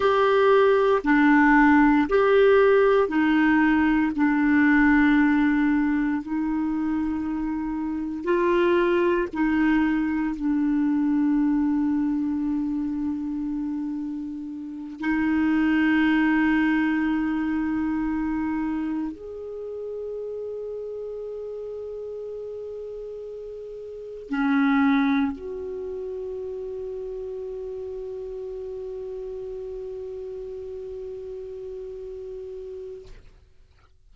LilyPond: \new Staff \with { instrumentName = "clarinet" } { \time 4/4 \tempo 4 = 58 g'4 d'4 g'4 dis'4 | d'2 dis'2 | f'4 dis'4 d'2~ | d'2~ d'8 dis'4.~ |
dis'2~ dis'8 gis'4.~ | gis'2.~ gis'8 cis'8~ | cis'8 fis'2.~ fis'8~ | fis'1 | }